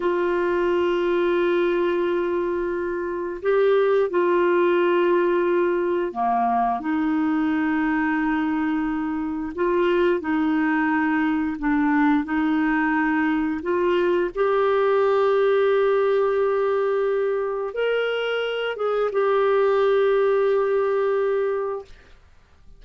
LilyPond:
\new Staff \with { instrumentName = "clarinet" } { \time 4/4 \tempo 4 = 88 f'1~ | f'4 g'4 f'2~ | f'4 ais4 dis'2~ | dis'2 f'4 dis'4~ |
dis'4 d'4 dis'2 | f'4 g'2.~ | g'2 ais'4. gis'8 | g'1 | }